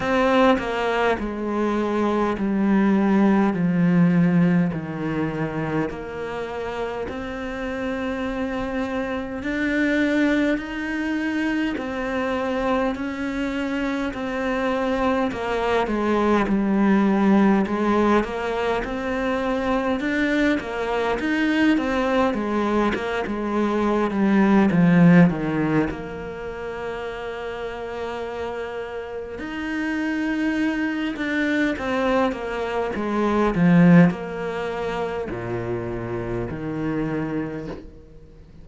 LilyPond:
\new Staff \with { instrumentName = "cello" } { \time 4/4 \tempo 4 = 51 c'8 ais8 gis4 g4 f4 | dis4 ais4 c'2 | d'4 dis'4 c'4 cis'4 | c'4 ais8 gis8 g4 gis8 ais8 |
c'4 d'8 ais8 dis'8 c'8 gis8 ais16 gis16~ | gis8 g8 f8 dis8 ais2~ | ais4 dis'4. d'8 c'8 ais8 | gis8 f8 ais4 ais,4 dis4 | }